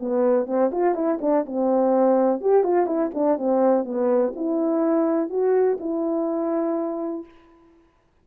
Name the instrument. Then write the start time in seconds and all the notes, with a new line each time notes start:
horn
0.00 B3
0.47 C4
0.72 F4
0.95 E4
1.21 D4
1.46 C4
2.41 G4
2.64 F4
2.87 E4
3.14 D4
3.38 C4
3.85 B3
4.36 E4
5.30 F#4
5.80 E4